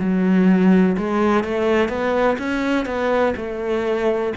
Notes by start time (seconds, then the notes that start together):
0.00 F#3
0.98 G#3
1.44 A3
1.90 B3
2.39 C#4
2.86 B3
3.37 A3